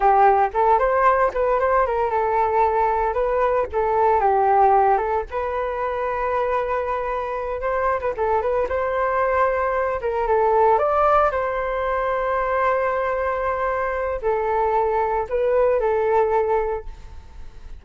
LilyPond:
\new Staff \with { instrumentName = "flute" } { \time 4/4 \tempo 4 = 114 g'4 a'8 c''4 b'8 c''8 ais'8 | a'2 b'4 a'4 | g'4. a'8 b'2~ | b'2~ b'8 c''8. b'16 a'8 |
b'8 c''2~ c''8 ais'8 a'8~ | a'8 d''4 c''2~ c''8~ | c''2. a'4~ | a'4 b'4 a'2 | }